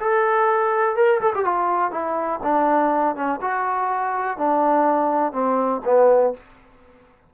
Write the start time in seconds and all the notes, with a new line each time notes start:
0.00 A4
0.96 A#4
1.21 A4
1.35 G4
1.45 F4
1.92 E4
2.43 D4
3.16 C#4
3.42 F#4
4.38 D4
5.33 C4
5.85 B3